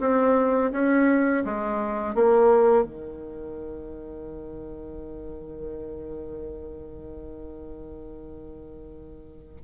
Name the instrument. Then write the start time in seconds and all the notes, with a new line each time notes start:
bassoon
0.00 C4
0.72 C#4
1.44 G#3
2.15 A#3
2.83 D#3